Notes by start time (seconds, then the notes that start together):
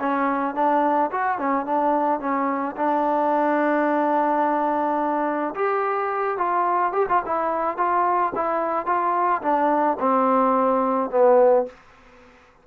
0.00 C#4
0.55 D4
1.12 F#4
1.39 C#4
1.66 D4
2.21 C#4
2.77 D4
5.55 G4
6.38 F4
6.93 G4
7.09 F4
7.26 E4
7.78 F4
8.36 E4
8.86 F4
9.42 D4
10.00 C4
11.11 B3